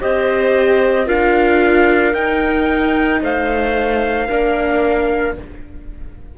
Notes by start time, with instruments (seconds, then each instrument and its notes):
0.00 cello C4, viola G4, clarinet C5, trumpet D#5
1.06 cello D4, viola F4, clarinet A#4, trumpet F5
2.14 cello D#4, viola D#4, trumpet G5
3.21 cello A3, clarinet C5, trumpet F5
4.28 cello A#3, viola D4, clarinet A#4